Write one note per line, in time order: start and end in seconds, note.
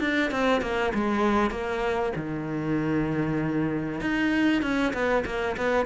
0.00 0.31 D4
0.31 0.62 C4
0.62 0.93 A#3
0.94 1.51 G#3
1.51 2.13 A#3
2.16 4.01 D#3
4.01 4.62 D#4
4.62 4.93 C#4
4.93 5.24 B3
5.25 5.56 A#3
5.57 5.86 B3